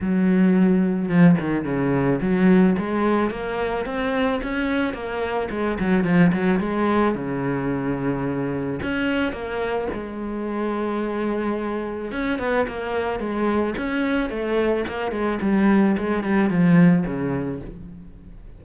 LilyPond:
\new Staff \with { instrumentName = "cello" } { \time 4/4 \tempo 4 = 109 fis2 f8 dis8 cis4 | fis4 gis4 ais4 c'4 | cis'4 ais4 gis8 fis8 f8 fis8 | gis4 cis2. |
cis'4 ais4 gis2~ | gis2 cis'8 b8 ais4 | gis4 cis'4 a4 ais8 gis8 | g4 gis8 g8 f4 cis4 | }